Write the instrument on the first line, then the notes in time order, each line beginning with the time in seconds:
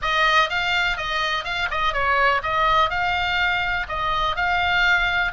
oboe
0.02 D#5
0.49 F5
0.97 D#5
1.44 F5
1.70 D#5
1.93 C#5
2.43 D#5
2.89 F5
3.88 D#5
4.35 F5